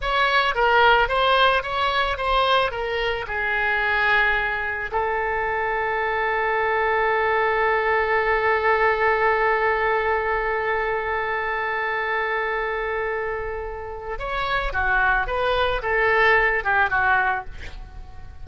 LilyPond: \new Staff \with { instrumentName = "oboe" } { \time 4/4 \tempo 4 = 110 cis''4 ais'4 c''4 cis''4 | c''4 ais'4 gis'2~ | gis'4 a'2.~ | a'1~ |
a'1~ | a'1~ | a'2 cis''4 fis'4 | b'4 a'4. g'8 fis'4 | }